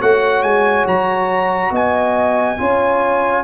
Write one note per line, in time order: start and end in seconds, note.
0.00 0.43 A3
0.00 2.58 F#4
0.00 1.71 C#5
0.00 0.43 F#5
0.43 0.86 G#3
0.43 0.86 G#5
0.87 1.71 F#3
0.87 1.74 A#5
1.71 2.57 B3
1.71 2.58 D#5
1.71 3.44 G#5
2.59 3.44 C#4
2.59 3.44 F4
2.59 3.44 C#5